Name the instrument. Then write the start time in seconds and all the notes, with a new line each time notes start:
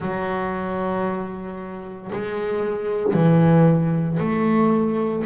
double bass
0.00 F#3
2.12 G#3
3.13 E3
4.19 A3